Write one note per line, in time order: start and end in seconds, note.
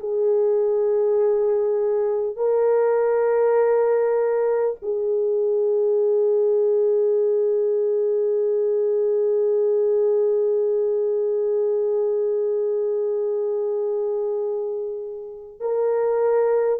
0.00 2.36 G#4
2.36 4.76 A#4
4.82 15.61 G#4
15.61 16.79 A#4